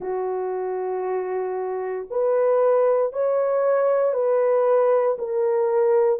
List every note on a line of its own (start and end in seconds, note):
0.00 2.07 F#4
2.10 3.13 B4
3.13 4.13 C#5
4.13 5.17 B4
5.18 6.19 A#4